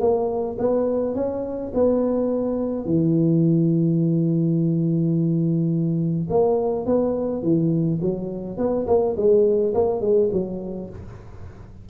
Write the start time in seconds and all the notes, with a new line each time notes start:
0.00 A#3
0.59 B3
1.15 C#4
1.74 B3
2.85 E3
6.30 A#3
6.86 B3
7.43 E3
8.02 F#3
8.57 B3
8.87 A#3
9.17 G#3
9.74 A#3
10.01 G#3
10.32 F#3